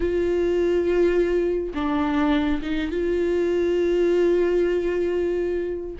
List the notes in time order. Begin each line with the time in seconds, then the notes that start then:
0.00 F4
1.74 D4
2.62 D#4
2.90 F4